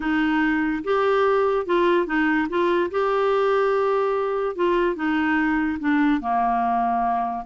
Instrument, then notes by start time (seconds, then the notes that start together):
clarinet
0.00 D#4
0.84 G4
1.66 F4
2.06 D#4
2.49 F4
2.90 G4
4.55 F4
4.95 D#4
5.79 D4
6.21 A#3